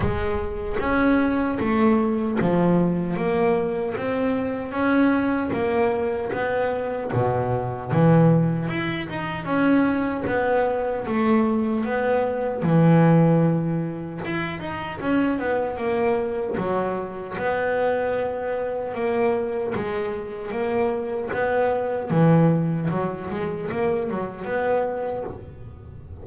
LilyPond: \new Staff \with { instrumentName = "double bass" } { \time 4/4 \tempo 4 = 76 gis4 cis'4 a4 f4 | ais4 c'4 cis'4 ais4 | b4 b,4 e4 e'8 dis'8 | cis'4 b4 a4 b4 |
e2 e'8 dis'8 cis'8 b8 | ais4 fis4 b2 | ais4 gis4 ais4 b4 | e4 fis8 gis8 ais8 fis8 b4 | }